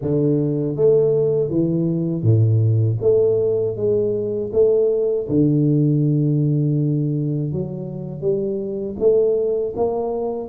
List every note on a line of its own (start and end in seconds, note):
0.01 0.76 D3
0.76 1.50 A3
1.50 2.22 E3
2.22 2.97 A2
3.01 3.76 A3
3.76 4.51 G#3
4.52 5.27 A3
5.29 7.52 D3
7.52 8.21 F#3
8.21 8.96 G3
8.99 9.74 A3
9.76 10.48 A#3